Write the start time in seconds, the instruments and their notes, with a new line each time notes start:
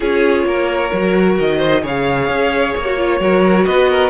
0.00 cello C#4, viola F4, violin G#4 C#5
0.44 cello A#3, violin A#4
0.92 cello F#3, viola F#4
1.39 cello D#3, violin D#5
1.57 violin C5
1.82 cello C#3, viola G#4, violin C#5 F5
2.28 cello C#4
2.74 cello A#3, violin C#5
2.85 viola F#4
2.97 viola F4
3.20 cello F#3, viola F#4, violin A#4
3.65 cello B3, violin B4 D#5
3.89 violin A#4